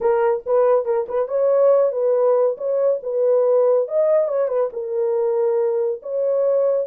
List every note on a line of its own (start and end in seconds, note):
0.00 0.43 A#4
0.45 0.85 B4
0.85 1.06 A#4
1.08 1.28 B4
1.28 1.92 C#5
1.92 2.56 B4
2.57 3.00 C#5
3.02 3.87 B4
3.87 4.28 D#5
4.28 4.48 C#5
4.48 4.69 B4
4.72 6.01 A#4
6.02 6.86 C#5